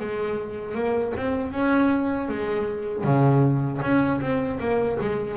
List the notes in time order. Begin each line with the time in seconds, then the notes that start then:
0.00 G#3
0.75 A#3
1.17 C4
1.52 C#4
2.29 G#3
3.04 C#3
3.82 C#4
4.21 C4
4.60 A#3
5.01 G#3